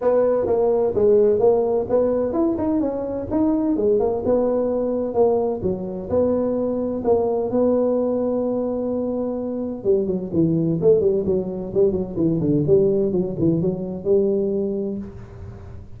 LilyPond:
\new Staff \with { instrumentName = "tuba" } { \time 4/4 \tempo 4 = 128 b4 ais4 gis4 ais4 | b4 e'8 dis'8 cis'4 dis'4 | gis8 ais8 b2 ais4 | fis4 b2 ais4 |
b1~ | b4 g8 fis8 e4 a8 g8 | fis4 g8 fis8 e8 d8 g4 | fis8 e8 fis4 g2 | }